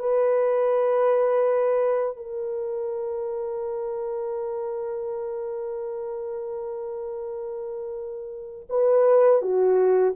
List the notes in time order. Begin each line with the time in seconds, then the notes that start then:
0.00 B4
2.17 A#4
8.70 B4
9.42 F#4